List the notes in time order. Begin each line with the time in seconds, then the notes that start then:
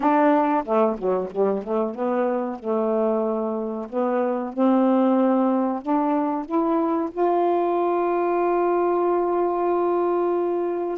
0.00 D4
0.64 A3
0.97 F#3
1.30 G3
1.63 A3
1.94 B3
2.59 A3
3.89 B3
4.53 C4
5.82 D4
6.45 E4
7.11 F4